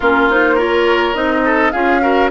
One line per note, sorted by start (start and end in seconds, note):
0.00 1.14 A#3
0.00 0.30 C#4
0.00 0.54 F4
0.00 0.27 A#4
0.30 0.57 D#4
0.30 0.59 C5
0.54 1.14 F4
0.54 1.41 A#4
0.54 1.14 C#5
1.14 1.72 C4
1.14 1.72 D#4
1.14 1.71 D#5
1.44 1.72 A4
1.71 2.31 C#4
1.71 2.00 F4
1.71 2.01 G#4
1.71 2.29 F5
2.00 2.29 F#4
2.00 2.31 A#4